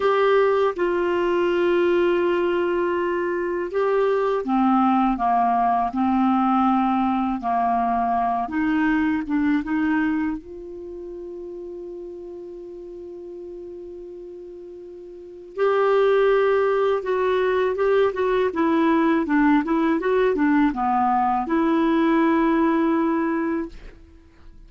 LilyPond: \new Staff \with { instrumentName = "clarinet" } { \time 4/4 \tempo 4 = 81 g'4 f'2.~ | f'4 g'4 c'4 ais4 | c'2 ais4. dis'8~ | dis'8 d'8 dis'4 f'2~ |
f'1~ | f'4 g'2 fis'4 | g'8 fis'8 e'4 d'8 e'8 fis'8 d'8 | b4 e'2. | }